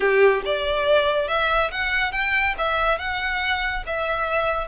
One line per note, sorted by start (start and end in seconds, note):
0.00 0.42 G4
0.45 1.28 D5
1.28 1.70 E5
1.71 2.12 F#5
2.12 2.54 G5
2.57 2.98 E5
2.98 3.83 F#5
3.86 4.67 E5